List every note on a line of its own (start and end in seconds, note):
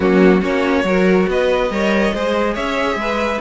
0.00 0.41 F#3
0.00 0.41 A#3
0.00 0.40 C#4
0.00 0.43 F#4
0.40 0.83 A#3
0.40 0.84 C#4
0.40 0.82 F#4
0.40 1.29 C#5
0.83 1.26 F#3
0.83 1.69 F#4
0.83 1.29 A#4
1.27 1.70 B3
1.27 1.71 B4
1.27 2.55 D#5
1.70 2.12 G3
1.70 2.13 A#4
1.70 2.14 C#5
2.14 2.56 G#3
2.14 3.40 G#4
2.14 2.54 C5
2.54 2.95 C#4
2.54 2.96 C#5
2.54 3.40 E5
2.95 3.38 G#3
2.95 3.40 B4